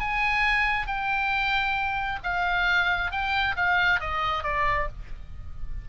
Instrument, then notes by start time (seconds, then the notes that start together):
oboe
0.00 G#5
0.87 G5
2.24 F5
3.11 G5
3.56 F5
4.00 D#5
4.44 D5